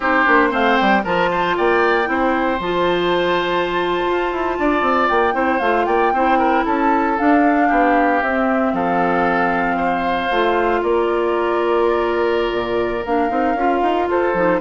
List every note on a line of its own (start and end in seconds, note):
0.00 0.26 C4
0.00 0.25 D#4
0.00 0.50 G4
0.00 0.53 C5
0.25 0.52 A#3
0.25 0.50 D4
0.50 0.79 A3
0.50 1.02 C4
0.50 1.02 C5
0.50 0.77 F5
0.77 1.05 G3
0.77 1.03 G5
1.03 1.57 F3
1.03 2.04 F4
1.03 1.30 A#4
1.03 1.56 A5
1.31 1.56 C5
1.56 2.08 A#3
1.56 2.08 D5
1.56 2.61 G5
2.04 2.59 C4
2.04 2.56 E4
2.10 4.58 C5
2.59 4.02 F3
2.59 5.33 F4
2.59 5.09 A5
4.06 4.32 F4
4.32 4.58 E4
4.59 4.81 D4
4.59 5.34 D5
4.81 5.07 C4
5.09 5.34 A#3
5.09 5.59 G5
5.33 5.60 C4
5.33 5.59 E4
5.33 5.86 C5
5.59 5.86 A3
5.59 6.14 F4
5.59 5.85 F5
5.85 6.12 A#3
5.85 6.12 D5
5.85 6.63 G5
6.12 6.64 C4
6.12 7.17 E4
6.12 6.38 C5
6.38 6.64 A#4
6.64 7.18 C#4
6.64 7.68 A4
6.64 7.18 A5
7.17 8.22 D4
7.17 7.70 D4
7.17 8.22 F5
7.68 8.22 B3
7.68 8.72 G4
8.22 8.72 C4
8.22 10.31 C4
8.22 8.74 E5
8.72 10.29 F3
8.72 9.76 A4
8.72 10.83 F5
9.76 10.81 C5
10.30 10.82 A3
10.30 13.04 F4
10.82 12.52 A#3
10.82 14.08 A#4
10.82 13.05 D5
12.52 13.04 A#2
13.05 13.30 A#3
13.05 13.29 D4
13.05 14.09 F5
13.29 13.55 C4
13.29 13.55 D#4
13.55 13.81 C#4
13.55 14.34 F4
13.82 14.08 D#4
14.08 14.33 F4
14.08 14.60 A4
14.08 14.60 C5
14.33 14.60 F3
14.33 14.60 D#4